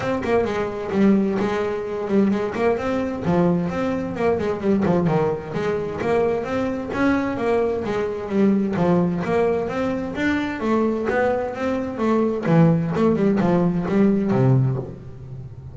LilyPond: \new Staff \with { instrumentName = "double bass" } { \time 4/4 \tempo 4 = 130 c'8 ais8 gis4 g4 gis4~ | gis8 g8 gis8 ais8 c'4 f4 | c'4 ais8 gis8 g8 f8 dis4 | gis4 ais4 c'4 cis'4 |
ais4 gis4 g4 f4 | ais4 c'4 d'4 a4 | b4 c'4 a4 e4 | a8 g8 f4 g4 c4 | }